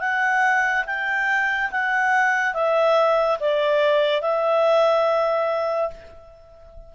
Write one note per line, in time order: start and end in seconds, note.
0.00 0.85 F#5
0.86 1.71 G5
1.71 2.54 F#5
2.54 3.38 E5
3.40 4.21 D5
4.21 5.90 E5